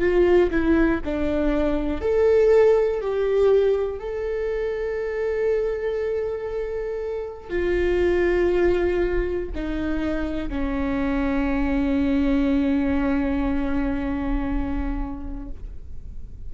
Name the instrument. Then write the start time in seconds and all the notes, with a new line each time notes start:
viola
0.00 F4
0.51 E4
1.05 D4
2.01 A4
3.01 G4
3.99 A4
7.49 F4
9.55 D#4
10.49 C#4